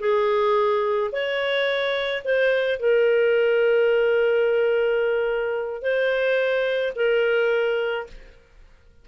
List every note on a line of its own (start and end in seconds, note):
0.00 1.11 G#4
1.12 2.23 C#5
2.25 2.80 C5
2.80 5.82 A#4
5.82 6.93 C5
6.96 8.07 A#4